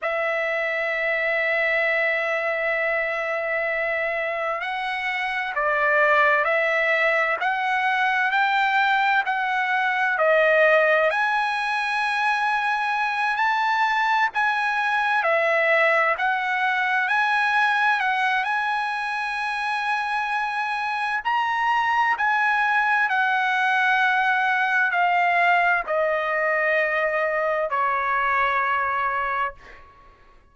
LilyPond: \new Staff \with { instrumentName = "trumpet" } { \time 4/4 \tempo 4 = 65 e''1~ | e''4 fis''4 d''4 e''4 | fis''4 g''4 fis''4 dis''4 | gis''2~ gis''8 a''4 gis''8~ |
gis''8 e''4 fis''4 gis''4 fis''8 | gis''2. ais''4 | gis''4 fis''2 f''4 | dis''2 cis''2 | }